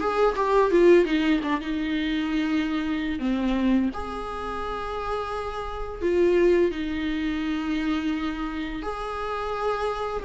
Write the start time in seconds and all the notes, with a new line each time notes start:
0.00 G#4
0.36 G4
0.71 F4
1.05 D#4
1.43 D4
1.61 D#4
3.19 C4
3.93 G#4
6.02 F4
6.71 D#4
8.83 G#4